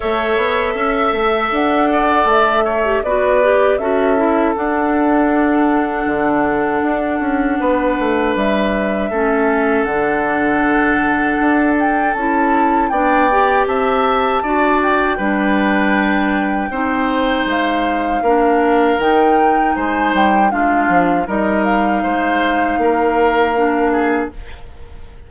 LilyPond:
<<
  \new Staff \with { instrumentName = "flute" } { \time 4/4 \tempo 4 = 79 e''2 fis''4 e''4 | d''4 e''4 fis''2~ | fis''2. e''4~ | e''4 fis''2~ fis''8 g''8 |
a''4 g''4 a''4. g''8~ | g''2. f''4~ | f''4 g''4 gis''8 g''8 f''4 | dis''8 f''2.~ f''8 | }
  \new Staff \with { instrumentName = "oboe" } { \time 4/4 cis''4 e''4. d''4 cis''8 | b'4 a'2.~ | a'2 b'2 | a'1~ |
a'4 d''4 e''4 d''4 | b'2 c''2 | ais'2 c''4 f'4 | ais'4 c''4 ais'4. gis'8 | }
  \new Staff \with { instrumentName = "clarinet" } { \time 4/4 a'2.~ a'8. g'16 | fis'8 g'8 fis'8 e'8 d'2~ | d'1 | cis'4 d'2. |
e'4 d'8 g'4. fis'4 | d'2 dis'2 | d'4 dis'2 d'4 | dis'2. d'4 | }
  \new Staff \with { instrumentName = "bassoon" } { \time 4/4 a8 b8 cis'8 a8 d'4 a4 | b4 cis'4 d'2 | d4 d'8 cis'8 b8 a8 g4 | a4 d2 d'4 |
cis'4 b4 c'4 d'4 | g2 c'4 gis4 | ais4 dis4 gis8 g8 gis8 f8 | g4 gis4 ais2 | }
>>